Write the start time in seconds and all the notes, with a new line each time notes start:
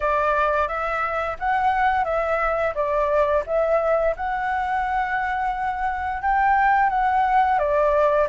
0.00 D5
0.67 E5
1.39 F#5
2.04 E5
2.74 D5
3.46 E5
4.16 F#5
6.22 G5
6.89 F#5
7.58 D5